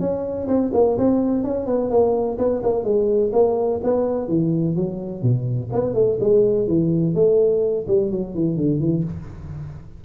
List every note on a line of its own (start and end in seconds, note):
0.00 0.48 C#4
0.48 0.71 C4
0.74 0.97 A#3
0.98 1.44 C4
1.44 1.66 C#4
1.66 1.90 B3
1.90 2.38 A#3
2.38 2.62 B3
2.63 2.84 A#3
2.84 3.31 G#3
3.33 3.80 A#3
3.83 4.28 B3
4.28 4.76 E3
4.76 5.22 F#3
5.22 5.70 B2
5.72 5.94 B3
5.94 6.18 A3
6.20 6.67 G#3
6.67 7.15 E3
7.15 7.86 A3
7.87 8.11 G3
8.11 8.35 F#3
8.35 8.57 E3
8.57 8.80 D3
8.80 9.04 E3